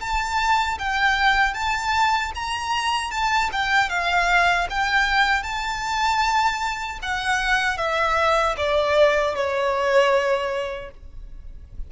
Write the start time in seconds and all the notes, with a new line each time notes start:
0.00 A5
0.78 G5
1.53 A5
2.34 A#5
3.11 A5
3.52 G5
3.89 F5
4.69 G5
5.43 A5
7.02 F#5
7.77 E5
8.57 D5
9.35 C#5